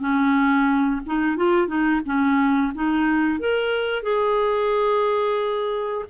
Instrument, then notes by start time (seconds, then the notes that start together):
clarinet
0.00 C#4
1.07 D#4
1.37 F4
1.68 D#4
2.06 C#4
2.75 D#4
3.40 A#4
4.03 G#4